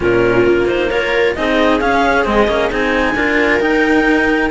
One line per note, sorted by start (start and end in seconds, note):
0.00 0.46 A#2
0.00 0.64 C#4
0.00 0.90 F4
0.00 0.67 A#4
0.46 1.36 A#3
0.67 0.90 D#4
0.67 0.90 C5
0.90 1.35 F4
0.90 1.35 A#4
0.90 1.35 C#5
1.35 1.81 C4
1.35 1.80 D#4
1.35 3.16 G#4
1.35 1.80 D#5
1.80 2.24 C#4
1.80 2.26 C#4
1.80 2.25 F5
2.24 2.47 G#3
2.24 2.47 C4
2.24 2.71 D#5
2.47 2.70 A#3
2.47 2.70 C#4
2.70 3.15 C4
2.70 3.15 D#4
2.70 3.61 G#5
3.15 3.60 D4
3.15 3.60 F4
3.15 4.50 A#4
3.60 4.50 D#4
3.60 4.50 G5